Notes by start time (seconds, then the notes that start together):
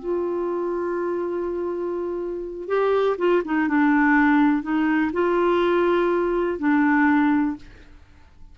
0.00 F4
2.69 G4
3.18 F4
3.45 D#4
3.69 D4
4.63 D#4
5.13 F4
6.59 D4